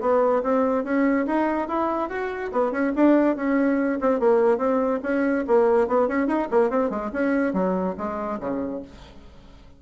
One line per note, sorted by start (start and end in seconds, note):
0.00 0.42 B3
0.43 0.84 C4
0.84 1.26 C#4
1.26 1.68 D#4
1.68 2.09 E4
2.09 2.51 F#4
2.52 2.71 B3
2.71 2.92 C#4
2.95 3.36 D4
3.36 3.99 C#4
4.00 4.19 C4
4.19 4.57 A#3
4.57 4.99 C4
5.02 5.44 C#4
5.47 5.87 A#3
5.87 6.08 B3
6.08 6.27 C#4
6.27 6.48 D#4
6.50 6.70 A#3
6.70 6.90 C4
6.90 7.11 G#3
7.12 7.53 C#4
7.53 7.95 F#3
7.97 8.39 G#3
8.40 8.82 C#3